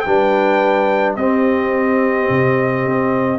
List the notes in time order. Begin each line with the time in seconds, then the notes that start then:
0.00 G3 D4 B4 G5
1.16 C4 G4 D#5
2.29 C3
2.86 C4